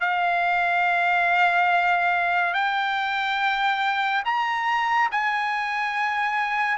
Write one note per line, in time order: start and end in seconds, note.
0.00 2.54 F5
2.54 4.23 G5
4.25 5.09 A#5
5.11 6.78 G#5